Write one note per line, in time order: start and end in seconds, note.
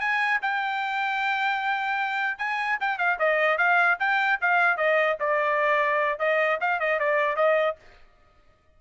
0.00 0.40 G#5
0.41 2.38 G5
2.38 2.78 G#5
2.80 2.98 G5
2.98 3.18 F5
3.19 3.58 D#5
3.58 3.98 F5
3.99 4.39 G5
4.41 4.77 F5
4.77 5.17 D#5
5.20 6.19 D5
6.19 6.59 D#5
6.60 6.80 F5
6.80 6.99 D#5
6.99 7.36 D5
7.36 7.76 D#5